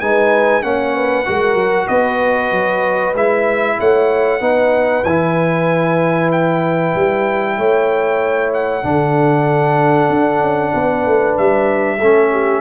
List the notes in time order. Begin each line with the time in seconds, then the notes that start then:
0.00 G#3 D#4 B4 G#5
0.62 A#3 C#4 C#5 F#5
0.96 B4
1.26 G#3 F#4 A#4
1.55 F#3
1.87 B3 B4 D#5
2.52 F#3
3.14 G#3 E4 E5
3.79 A3 C#5 F#5
4.41 B3 D#4 B4
5.04 E3 E4 G#5
6.32 G5
6.96 G3
7.58 A3 C#5
8.54 F#5
8.83 D3 D4 A4
10.10 D4
10.41 C#4
10.74 B3 B4
11.06 A3
11.38 G3 E5
11.98 A3 C#4 A4
12.32 G4